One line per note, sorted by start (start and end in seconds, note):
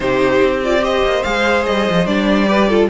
0.00 0.40 C3
0.00 0.62 D#4
0.00 0.82 G4
0.00 0.60 C5
0.40 1.02 C4
0.64 0.80 F4
0.64 0.83 D5
0.80 1.21 G4
0.80 2.48 C5
0.80 1.23 D#5
1.03 1.23 A#3
1.23 1.67 G#3
1.23 2.06 G#4
1.23 1.64 F5
1.66 1.88 G3
1.66 2.06 D#5
1.89 2.05 F3
2.05 2.88 G3
2.05 2.46 D4
2.05 2.89 D5
2.46 2.67 G4
2.46 2.68 B4
2.68 2.89 F4
2.68 2.89 A4